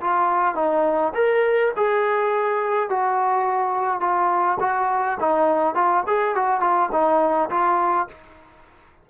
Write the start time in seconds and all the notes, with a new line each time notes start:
0.00 F4
0.55 D#4
1.14 A#4
1.76 G#4
2.89 F#4
4.00 F4
4.60 F#4
5.19 D#4
5.75 F4
6.07 G#4
6.35 F#4
6.60 F4
6.92 D#4
7.50 F4